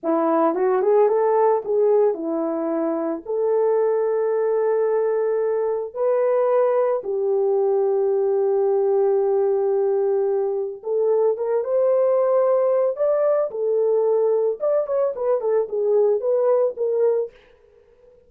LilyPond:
\new Staff \with { instrumentName = "horn" } { \time 4/4 \tempo 4 = 111 e'4 fis'8 gis'8 a'4 gis'4 | e'2 a'2~ | a'2. b'4~ | b'4 g'2.~ |
g'1 | a'4 ais'8 c''2~ c''8 | d''4 a'2 d''8 cis''8 | b'8 a'8 gis'4 b'4 ais'4 | }